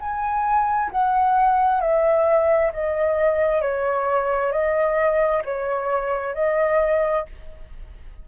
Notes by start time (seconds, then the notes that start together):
0.00 G#5
0.91 F#5
1.81 E5
2.73 D#5
3.62 C#5
4.52 D#5
5.45 C#5
6.35 D#5